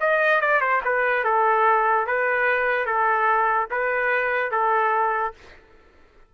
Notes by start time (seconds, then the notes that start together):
0.00 D#5
0.41 D5
0.61 C5
0.84 B4
1.24 A4
2.06 B4
2.85 A4
3.70 B4
4.51 A4